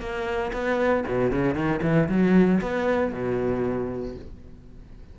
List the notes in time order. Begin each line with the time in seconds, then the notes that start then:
0.00 A#3
0.52 B3
1.07 B2
1.31 C#3
1.54 D#3
1.82 E3
2.09 F#3
2.61 B3
3.12 B2